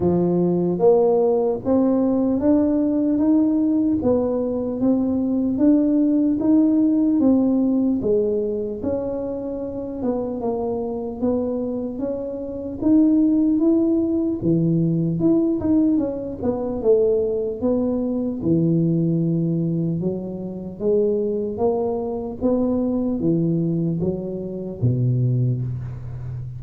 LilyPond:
\new Staff \with { instrumentName = "tuba" } { \time 4/4 \tempo 4 = 75 f4 ais4 c'4 d'4 | dis'4 b4 c'4 d'4 | dis'4 c'4 gis4 cis'4~ | cis'8 b8 ais4 b4 cis'4 |
dis'4 e'4 e4 e'8 dis'8 | cis'8 b8 a4 b4 e4~ | e4 fis4 gis4 ais4 | b4 e4 fis4 b,4 | }